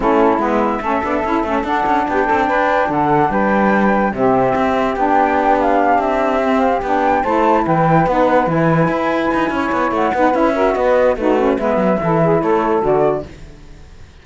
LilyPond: <<
  \new Staff \with { instrumentName = "flute" } { \time 4/4 \tempo 4 = 145 a'4 e''2. | fis''4 g''2 fis''4 | g''2 e''2 | g''4. f''4 e''4. |
f''8 g''4 a''4 g''4 fis''8~ | fis''8 gis''2.~ gis''8 | fis''4 e''4 dis''4 b'4 | e''2 cis''4 d''4 | }
  \new Staff \with { instrumentName = "saxophone" } { \time 4/4 e'2 a'2~ | a'4 g'8 a'8 b'4 a'4 | b'2 g'2~ | g'1~ |
g'4. c''4 b'4.~ | b'2. cis''4~ | cis''8 b'4 ais'8 b'4 fis'4 | b'4 a'8 gis'8 a'2 | }
  \new Staff \with { instrumentName = "saxophone" } { \time 4/4 cis'4 b4 cis'8 d'8 e'8 cis'8 | d'1~ | d'2 c'2 | d'2.~ d'8 c'8~ |
c'8 d'4 e'2 dis'8~ | dis'8 e'2.~ e'8~ | e'8 dis'8 e'8 fis'4. dis'8 cis'8 | b4 e'2 fis'4 | }
  \new Staff \with { instrumentName = "cello" } { \time 4/4 a4 gis4 a8 b8 cis'8 a8 | d'8 cis'8 b8 c'8 d'4 d4 | g2 c4 c'4 | b2~ b8 c'4.~ |
c'8 b4 a4 e4 b8~ | b8 e4 e'4 dis'8 cis'8 b8 | a8 b8 cis'4 b4 a4 | gis8 fis8 e4 a4 d4 | }
>>